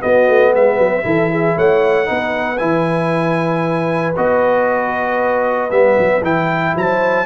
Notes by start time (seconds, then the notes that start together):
0.00 B3 F#4 D#5
0.29 A3
0.52 G#3 B4 E5
0.78 F#3
1.03 E3 E4 A4
1.31 G#4
1.57 A3 C#5 F#5
2.05 B3 D#4 B4
2.58 E3 E4 G#5
4.17 B3 F#4 D#5
5.70 G3 B3 E5
5.99 F#3
6.22 E3 E4 G5
6.76 F#3 C5 A5